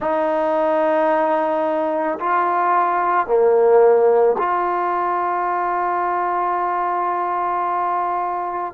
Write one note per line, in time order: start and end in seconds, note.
0.00 2.18 D#4
2.19 3.27 F4
3.27 4.36 A#3
4.37 8.73 F4